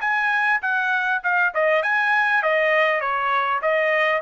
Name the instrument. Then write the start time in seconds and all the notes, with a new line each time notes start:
trumpet
0.00 G#5
0.61 F#5
1.23 F5
1.54 D#5
1.82 G#5
2.42 D#5
3.00 C#5
3.62 D#5